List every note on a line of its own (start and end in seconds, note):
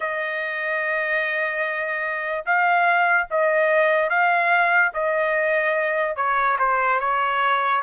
0.00 2.44 D#5
2.45 3.27 F5
3.30 4.09 D#5
4.09 4.91 F5
4.93 6.16 D#5
6.16 6.57 C#5
6.58 6.99 C5
7.00 7.82 C#5